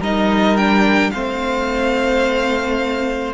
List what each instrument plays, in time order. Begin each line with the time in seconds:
0.00 cello G3, viola D#4, violin A#4 D#5
0.57 viola D4, violin G5
1.11 cello A3, viola C4, violin C5 F5